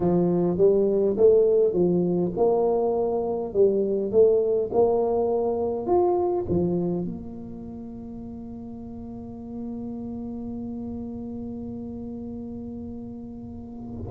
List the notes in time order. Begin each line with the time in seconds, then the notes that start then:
0.00 F3
0.57 G3
1.17 A3
1.73 F3
2.36 A#3
3.53 G3
4.11 A3
4.72 A#3
5.86 F4
6.49 F3
7.04 A#3